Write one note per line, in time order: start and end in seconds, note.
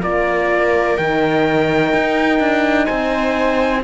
0.00 0.98 A#3
0.00 0.97 F4
0.00 2.85 A#4
0.00 0.97 D5
0.97 1.93 D#3
0.97 3.83 D#4
0.97 2.86 G5
1.93 2.40 D#4
2.40 2.87 D4
2.85 3.84 C4
2.85 3.81 C5
2.85 3.81 G#5